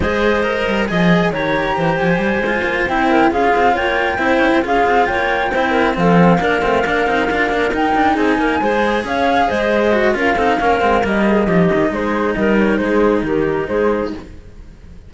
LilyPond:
<<
  \new Staff \with { instrumentName = "flute" } { \time 4/4 \tempo 4 = 136 dis''2 gis''4 ais''4~ | ais''8 gis''2 g''4 f''8~ | f''8 g''2 f''4 g''8~ | g''4. f''2~ f''8~ |
f''4. g''4 gis''4.~ | gis''8 f''4 dis''4. f''4~ | f''4 dis''2 c''4 | dis''8 cis''8 c''4 ais'4 c''4 | }
  \new Staff \with { instrumentName = "clarinet" } { \time 4/4 c''2 dis''4 cis''4 | c''2. ais'8 gis'8~ | gis'8 cis''4 c''4 gis'4 cis''8~ | cis''8 c''8 ais'8 a'4 ais'4.~ |
ais'2~ ais'8 gis'8 ais'8 c''8~ | c''8 cis''4 c''4. ais'8 a'8 | ais'4. gis'8 g'4 gis'4 | ais'4 gis'4 g'4 gis'4 | }
  \new Staff \with { instrumentName = "cello" } { \time 4/4 gis'4 ais'4 gis'4 g'4~ | g'4. f'4 e'4 f'8~ | f'4. e'4 f'4.~ | f'8 e'4 c'4 d'8 c'8 d'8 |
dis'8 f'8 d'8 dis'2 gis'8~ | gis'2~ gis'8 fis'8 f'8 dis'8 | cis'8 c'8 ais4 dis'2~ | dis'1 | }
  \new Staff \with { instrumentName = "cello" } { \time 4/4 gis4. g8 f4 dis4 | e8 f8 g8 gis8 ais8 c'4 cis'8 | c'8 ais4 c'8 cis'16 c'16 cis'8 c'8 ais8~ | ais8 c'4 f4 ais8 a8 ais8 |
c'8 d'8 ais8 dis'8 d'8 c'8 ais8 gis8~ | gis8 cis'4 gis4. cis'8 c'8 | ais8 gis8 g4 f8 dis8 gis4 | g4 gis4 dis4 gis4 | }
>>